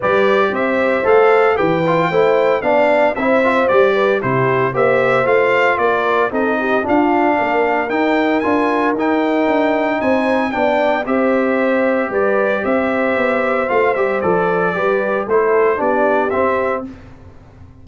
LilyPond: <<
  \new Staff \with { instrumentName = "trumpet" } { \time 4/4 \tempo 4 = 114 d''4 e''4 f''4 g''4~ | g''4 f''4 e''4 d''4 | c''4 e''4 f''4 d''4 | dis''4 f''2 g''4 |
gis''4 g''2 gis''4 | g''4 e''2 d''4 | e''2 f''8 e''8 d''4~ | d''4 c''4 d''4 e''4 | }
  \new Staff \with { instrumentName = "horn" } { \time 4/4 b'4 c''2 b'4 | c''4 d''4 c''4. b'8 | g'4 c''2 ais'4 | a'8 g'8 f'4 ais'2~ |
ais'2. c''4 | d''4 c''2 b'4 | c''1 | b'4 a'4 g'2 | }
  \new Staff \with { instrumentName = "trombone" } { \time 4/4 g'2 a'4 g'8 f'8 | e'4 d'4 e'8 f'8 g'4 | e'4 g'4 f'2 | dis'4 d'2 dis'4 |
f'4 dis'2. | d'4 g'2.~ | g'2 f'8 g'8 a'4 | g'4 e'4 d'4 c'4 | }
  \new Staff \with { instrumentName = "tuba" } { \time 4/4 g4 c'4 a4 e4 | a4 b4 c'4 g4 | c4 ais4 a4 ais4 | c'4 d'4 ais4 dis'4 |
d'4 dis'4 d'4 c'4 | b4 c'2 g4 | c'4 b4 a8 g8 f4 | g4 a4 b4 c'4 | }
>>